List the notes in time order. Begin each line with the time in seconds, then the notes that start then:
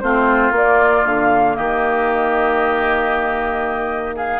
0.00 A3 C4 F4 C5
0.51 A#3 D5
1.05 D3 F5
1.56 D#3 G4 D#5
4.16 G#4 F5